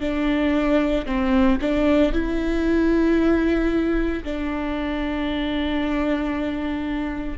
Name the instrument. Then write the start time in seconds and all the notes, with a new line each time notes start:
viola
0.00 D4
1.06 C4
1.61 D4
2.12 E4
4.24 D4